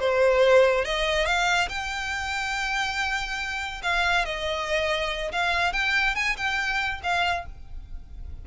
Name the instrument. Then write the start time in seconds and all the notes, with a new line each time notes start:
violin
0.00 C5
0.85 D#5
1.26 F5
1.69 G5
3.83 F5
4.25 D#5
5.32 F5
5.73 G5
6.15 G#5
6.37 G5
7.04 F5